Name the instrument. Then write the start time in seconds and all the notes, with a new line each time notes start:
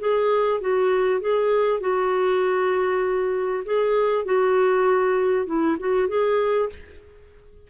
clarinet
0.00 G#4
0.61 F#4
1.21 G#4
1.81 F#4
3.65 G#4
4.26 F#4
5.47 E4
5.80 F#4
6.09 G#4